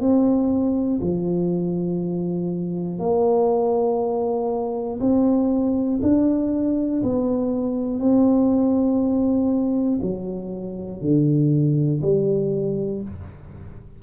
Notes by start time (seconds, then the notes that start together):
0.00 C4
1.01 F3
2.99 A#3
5.00 C4
6.02 D4
7.02 B3
7.99 C4
10.02 F#3
11.01 D3
12.01 G3